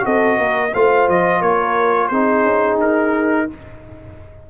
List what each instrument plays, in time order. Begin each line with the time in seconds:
0.00 tuba C4, trombone F#4, horn A4, trumpet D#5
0.38 tuba A#3, horn A#4
0.73 tuba A3, trombone F4, horn C5, trumpet F5
1.09 tuba F3, trumpet D#5
1.41 tuba A#3, horn A#4, trumpet C#5
2.08 tuba C4, trombone D#4, horn G#4, trumpet C5
2.44 tuba C#4
2.77 tuba D#4, trumpet A#4